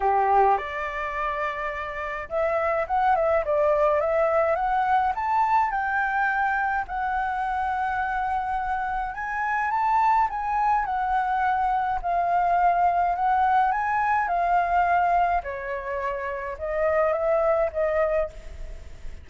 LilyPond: \new Staff \with { instrumentName = "flute" } { \time 4/4 \tempo 4 = 105 g'4 d''2. | e''4 fis''8 e''8 d''4 e''4 | fis''4 a''4 g''2 | fis''1 |
gis''4 a''4 gis''4 fis''4~ | fis''4 f''2 fis''4 | gis''4 f''2 cis''4~ | cis''4 dis''4 e''4 dis''4 | }